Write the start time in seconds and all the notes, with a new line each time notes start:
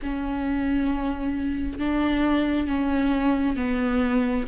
0.02 C#4
1.78 D4
2.67 C#4
3.56 B3